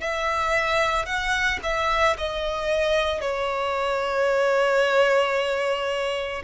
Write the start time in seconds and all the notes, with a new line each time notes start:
0.00 E5
1.06 F#5
1.63 E5
2.18 D#5
3.21 C#5